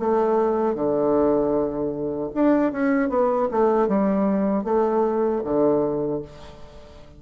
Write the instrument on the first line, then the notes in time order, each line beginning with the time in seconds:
bassoon
0.00 A3
0.75 D3
2.35 D4
2.72 C#4
3.10 B3
3.52 A3
3.89 G3
4.64 A3
5.44 D3